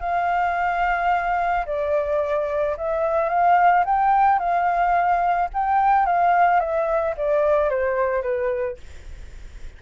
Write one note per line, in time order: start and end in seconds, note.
0.00 1.65 F5
1.66 2.76 D5
2.77 3.29 E5
3.29 3.84 F5
3.85 4.39 G5
4.39 5.49 F5
5.53 6.06 G5
6.06 6.60 F5
6.60 7.15 E5
7.17 7.70 D5
7.70 8.22 C5
8.22 8.77 B4